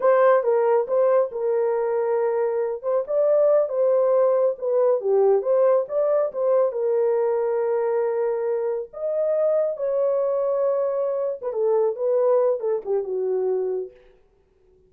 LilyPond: \new Staff \with { instrumentName = "horn" } { \time 4/4 \tempo 4 = 138 c''4 ais'4 c''4 ais'4~ | ais'2~ ais'8 c''8 d''4~ | d''8 c''2 b'4 g'8~ | g'8 c''4 d''4 c''4 ais'8~ |
ais'1~ | ais'8 dis''2 cis''4.~ | cis''2~ cis''16 b'16 a'4 b'8~ | b'4 a'8 g'8 fis'2 | }